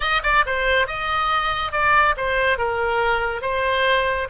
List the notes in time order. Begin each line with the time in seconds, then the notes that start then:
0.00 D#5
0.23 D5
0.46 C5
0.87 D#5
1.71 D5
2.17 C5
2.57 A#4
3.41 C5